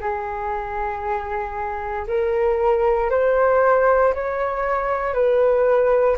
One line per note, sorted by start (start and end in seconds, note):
0.00 2.07 G#4
2.07 3.10 A#4
3.10 4.14 C5
4.14 5.14 C#5
5.14 6.17 B4